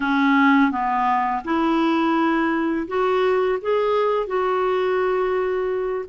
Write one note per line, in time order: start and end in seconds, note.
0.00 0.71 C#4
0.71 1.42 B3
1.44 2.87 E4
2.87 3.58 F#4
3.61 4.26 G#4
4.26 6.05 F#4